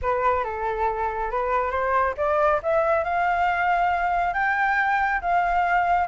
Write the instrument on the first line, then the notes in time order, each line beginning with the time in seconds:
flute
0.01 B4
0.43 A4
1.30 B4
1.70 C5
2.17 D5
2.62 E5
3.04 F5
4.33 G5
5.21 F5